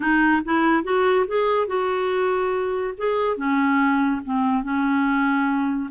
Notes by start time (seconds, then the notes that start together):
0.00 D#4
0.44 E4
0.83 F#4
1.27 G#4
1.67 F#4
2.97 G#4
3.36 C#4
4.24 C4
4.63 C#4